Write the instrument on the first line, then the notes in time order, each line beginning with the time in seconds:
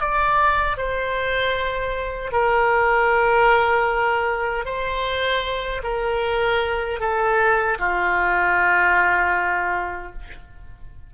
oboe
0.00 D5
0.77 C5
2.32 A#4
4.65 C5
5.83 A#4
7.00 A4
7.79 F4